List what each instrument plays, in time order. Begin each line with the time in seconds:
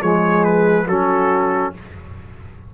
0.00 tuba F3, trombone G#3, horn G#4, trumpet C#5
0.44 trumpet B4
0.87 tuba F#3, trombone C#4, horn F#4, trumpet A4